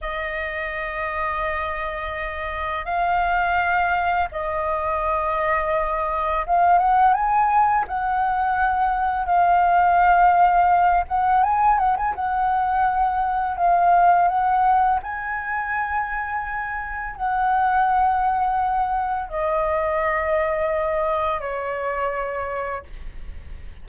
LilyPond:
\new Staff \with { instrumentName = "flute" } { \time 4/4 \tempo 4 = 84 dis''1 | f''2 dis''2~ | dis''4 f''8 fis''8 gis''4 fis''4~ | fis''4 f''2~ f''8 fis''8 |
gis''8 fis''16 gis''16 fis''2 f''4 | fis''4 gis''2. | fis''2. dis''4~ | dis''2 cis''2 | }